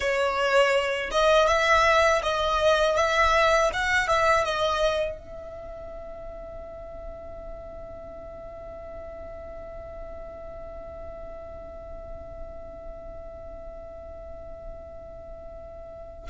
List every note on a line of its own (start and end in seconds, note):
0.00 1.10 C#5
1.11 1.47 D#5
1.47 2.22 E5
2.22 2.96 D#5
2.96 3.70 E5
3.73 4.07 F#5
4.07 4.44 E5
4.44 5.18 D#5
5.18 16.29 E5